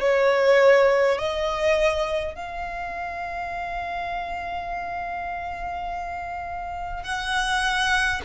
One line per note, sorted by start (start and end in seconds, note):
0.00 1.18 C#5
1.18 2.35 D#5
2.35 7.03 F5
7.03 8.21 F#5